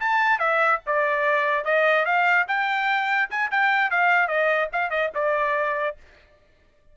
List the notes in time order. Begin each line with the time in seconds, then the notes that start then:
0.00 A5
0.39 E5
0.86 D5
1.64 D#5
2.06 F5
2.48 G5
3.30 G#5
3.51 G5
3.91 F5
4.28 D#5
4.73 F5
4.90 D#5
5.15 D5